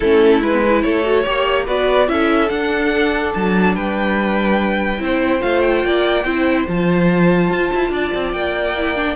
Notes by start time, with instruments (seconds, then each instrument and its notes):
0.00 cello A3, viola C#4, violin E4 A4
0.41 cello G#3, viola E4, violin B4
0.52 viola B3
0.63 viola E4
0.82 cello A3, violin A4 C#5
1.03 viola F#4
1.23 cello A#3, viola G4, violin C#5
1.65 cello B3, viola F#4, violin B4 D5
2.07 cello C#4, viola E4, violin A4 E5
2.48 viola D4, cello D4, violin F#5
3.33 cello F#3, violin A5
3.75 cello G3, violin B4 G5
4.98 cello C4, viola E4, violin C5
5.39 cello A3, viola F4, violin F5
5.61 violin G5
5.84 cello A#3, violin D5
6.24 cello C4, viola E4, violin C5
6.67 cello F3, viola F4, violin A5
7.50 cello F4
7.74 cello E4
7.89 cello D4, violin D5
8.14 cello C4
8.32 cello A#3, violin G5
8.77 viola E4
8.95 viola D4